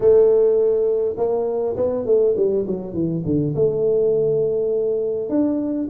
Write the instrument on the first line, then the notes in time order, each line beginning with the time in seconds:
tuba
0.00 A3
1.17 A#3
1.76 B3
2.05 A3
2.36 G3
2.67 F#3
2.93 E3
3.25 D3
3.55 A3
5.29 D4